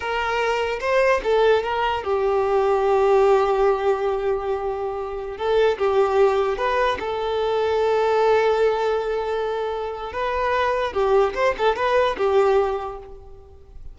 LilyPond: \new Staff \with { instrumentName = "violin" } { \time 4/4 \tempo 4 = 148 ais'2 c''4 a'4 | ais'4 g'2.~ | g'1~ | g'4~ g'16 a'4 g'4.~ g'16~ |
g'16 b'4 a'2~ a'8.~ | a'1~ | a'4 b'2 g'4 | c''8 a'8 b'4 g'2 | }